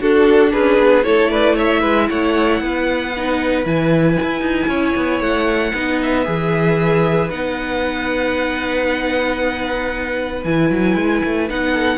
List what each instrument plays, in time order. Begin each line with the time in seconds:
0.00 cello D4, viola D4, violin F#4 A4
0.53 cello C#4, violin G#4 B4
0.79 cello B3
1.03 cello A3, viola E4, violin A4 C#5
1.29 violin B4 D5
1.55 violin C#5 E5
1.80 cello G#3, violin B4
2.10 cello A3, violin C#5 F#5
2.60 cello B3, violin B4
3.17 viola D#4
3.65 cello E3, viola E4, violin G#5
4.23 cello E4
4.41 cello D#4
4.67 cello C#4, violin C#5
4.96 cello B3
5.20 cello A3, violin F#5
5.74 cello B3, viola D#4, violin B4
6.02 violin E5
6.25 cello E3, viola G#4
7.30 cello B3, viola D#4, violin F#5
10.44 cello E3, viola E4, violin G#5
10.70 cello F#3
10.96 cello G#3
11.25 cello A3
11.49 cello B3, viola D#4, violin F#5
11.71 violin A4